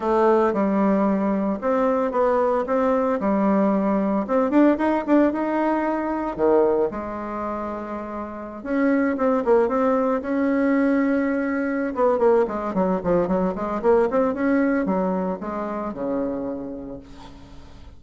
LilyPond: \new Staff \with { instrumentName = "bassoon" } { \time 4/4 \tempo 4 = 113 a4 g2 c'4 | b4 c'4 g2 | c'8 d'8 dis'8 d'8 dis'2 | dis4 gis2.~ |
gis16 cis'4 c'8 ais8 c'4 cis'8.~ | cis'2~ cis'8 b8 ais8 gis8 | fis8 f8 fis8 gis8 ais8 c'8 cis'4 | fis4 gis4 cis2 | }